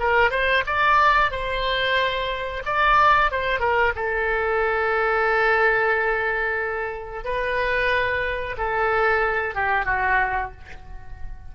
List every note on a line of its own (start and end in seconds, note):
0.00 0.31 A#4
0.31 0.64 C5
0.67 1.32 D5
1.32 2.63 C5
2.66 3.31 D5
3.31 3.60 C5
3.60 3.93 A#4
3.96 7.25 A4
7.25 8.57 B4
8.58 9.55 A4
9.55 9.85 G4
9.85 10.51 F#4